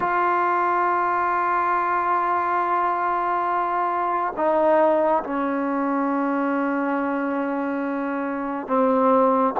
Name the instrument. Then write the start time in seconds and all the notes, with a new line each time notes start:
trombone
0.00 F4
4.36 D#4
5.23 C#4
8.67 C4